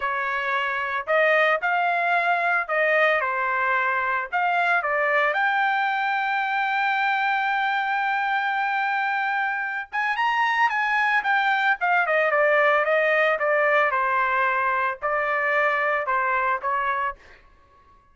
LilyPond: \new Staff \with { instrumentName = "trumpet" } { \time 4/4 \tempo 4 = 112 cis''2 dis''4 f''4~ | f''4 dis''4 c''2 | f''4 d''4 g''2~ | g''1~ |
g''2~ g''8 gis''8 ais''4 | gis''4 g''4 f''8 dis''8 d''4 | dis''4 d''4 c''2 | d''2 c''4 cis''4 | }